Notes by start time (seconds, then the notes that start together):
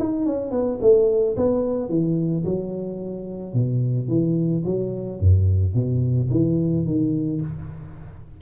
0.00 D#4
0.27 C#4
0.52 B3
0.82 A3
1.37 B3
1.90 E3
2.45 F#3
3.54 B2
4.09 E3
4.65 F#3
5.20 F#2
5.75 B2
6.31 E3
6.86 D#3